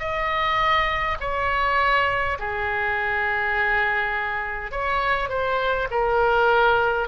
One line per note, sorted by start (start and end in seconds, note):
0.00 1.17 D#5
1.20 2.38 C#5
2.40 4.72 G#4
4.72 5.29 C#5
5.29 5.88 C5
5.91 7.09 A#4